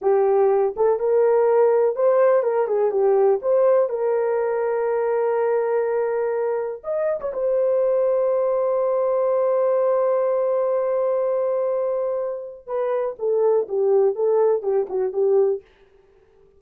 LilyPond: \new Staff \with { instrumentName = "horn" } { \time 4/4 \tempo 4 = 123 g'4. a'8 ais'2 | c''4 ais'8 gis'8 g'4 c''4 | ais'1~ | ais'2 dis''8. cis''16 c''4~ |
c''1~ | c''1~ | c''2 b'4 a'4 | g'4 a'4 g'8 fis'8 g'4 | }